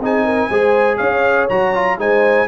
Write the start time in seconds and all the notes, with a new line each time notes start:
0.00 C4 D#4 G#4 G#5
0.25 A#4
0.50 G#3 G#4 C5
0.97 C#4 C#5 F5
1.49 F#3 F#4 A#5
1.74 F4
1.98 G#3 D#4 C5 G#5